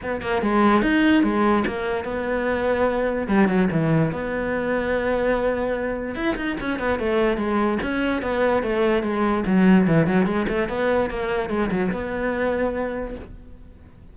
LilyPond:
\new Staff \with { instrumentName = "cello" } { \time 4/4 \tempo 4 = 146 b8 ais8 gis4 dis'4 gis4 | ais4 b2. | g8 fis8 e4 b2~ | b2. e'8 dis'8 |
cis'8 b8 a4 gis4 cis'4 | b4 a4 gis4 fis4 | e8 fis8 gis8 a8 b4 ais4 | gis8 fis8 b2. | }